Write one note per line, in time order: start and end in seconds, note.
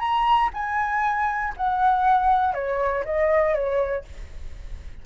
0.00 0.50 A#5
0.54 1.54 G#5
1.57 2.55 F#5
2.55 3.05 C#5
3.05 3.55 D#5
3.55 4.05 C#5